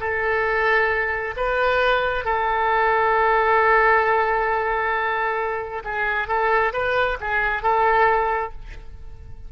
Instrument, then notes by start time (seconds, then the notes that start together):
oboe
0.00 A4
1.36 B4
2.24 A4
5.84 G#4
6.27 A4
6.72 B4
7.20 G#4
7.62 A4